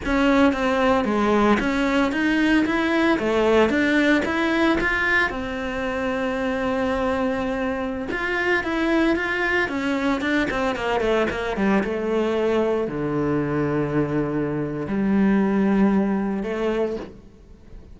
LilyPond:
\new Staff \with { instrumentName = "cello" } { \time 4/4 \tempo 4 = 113 cis'4 c'4 gis4 cis'4 | dis'4 e'4 a4 d'4 | e'4 f'4 c'2~ | c'2.~ c'16 f'8.~ |
f'16 e'4 f'4 cis'4 d'8 c'16~ | c'16 ais8 a8 ais8 g8 a4.~ a16~ | a16 d2.~ d8. | g2. a4 | }